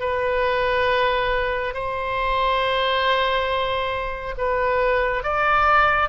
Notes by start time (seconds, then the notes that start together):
0.00 B4
1.74 C5
4.38 B4
5.23 D5